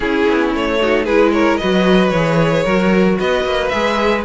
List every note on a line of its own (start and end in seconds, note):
0.00 0.27 C#4
0.00 0.79 C#4
0.00 0.80 E4
0.00 0.52 G#4
0.28 0.54 B3
0.54 1.07 A3
0.54 1.05 C#5
0.81 1.08 D#4
0.81 1.04 F#4
1.04 1.60 G#3
1.04 1.61 E4
1.04 1.31 G#4
1.04 1.31 B4
1.32 1.59 A#4
1.32 1.57 C#5
1.57 2.11 F#3
1.57 2.14 F#4
1.57 2.63 B4
1.57 2.10 D#5
2.10 2.64 E3
2.10 2.66 G#4
2.10 3.16 C#5
2.63 3.19 F#3
2.63 3.72 F#4
2.63 3.16 A#4
3.19 3.45 B3
3.19 4.25 B4
3.19 3.68 D#5
3.45 3.71 A#3
3.68 4.25 G#3
3.68 4.25 G#4
3.68 4.21 E5